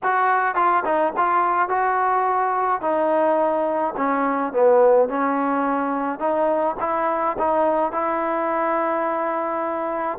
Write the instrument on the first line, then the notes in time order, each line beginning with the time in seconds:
trombone
0.03 F#4
0.55 F4
0.84 D#4
1.16 F4
1.69 F#4
2.81 D#4
3.96 C#4
4.53 B3
5.08 C#4
6.19 D#4
6.80 E4
7.38 D#4
7.92 E4